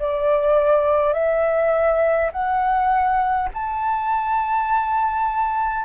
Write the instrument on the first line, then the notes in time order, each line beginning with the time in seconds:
flute
0.00 D5
1.14 E5
2.33 F#5
3.54 A5